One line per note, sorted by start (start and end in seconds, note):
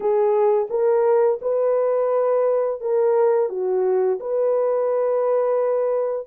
0.00 0.68 G#4
0.69 1.39 A#4
1.41 2.80 B4
2.80 3.49 A#4
3.49 4.19 F#4
4.20 6.26 B4